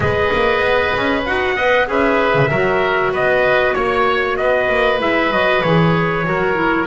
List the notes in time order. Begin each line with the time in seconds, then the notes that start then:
0.00 G#3 G#4 B4 D#5
0.33 A#3
0.60 B3
0.96 C#4
1.25 D#4 F#4 F#5
1.55 B3 B4 D#5
1.87 C#4 G#4 B4 E5
2.34 C#3
2.50 F#3 F#4 A#4
3.11 B3 B4 D#5
3.74 A#3 C#5
4.36 B3 B4 D#5
4.69 A#3
4.99 G#3 E4 E5
5.30 F#3 F#4 D#5
5.61 E3 G#4 C#5
6.24 F#3 F#4 A#4
6.54 E4